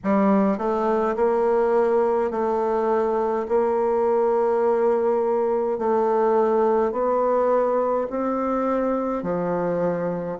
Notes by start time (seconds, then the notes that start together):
0.03 G3
0.58 A3
1.15 A#3
2.31 A3
3.48 A#3
5.78 A3
6.92 B3
8.10 C4
9.23 F3